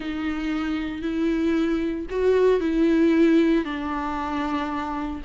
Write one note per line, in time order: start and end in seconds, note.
0.00 1.02 D#4
1.02 2.06 E4
2.10 2.60 F#4
2.60 3.64 E4
3.65 5.21 D4